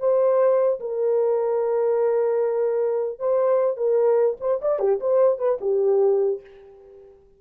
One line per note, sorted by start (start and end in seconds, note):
0.00 0.80 C5
0.81 3.20 A#4
3.20 3.77 C5
3.77 4.37 A#4
4.41 4.61 C5
4.62 4.80 D5
4.80 5.00 G4
5.01 5.39 C5
5.39 5.59 B4
5.61 6.41 G4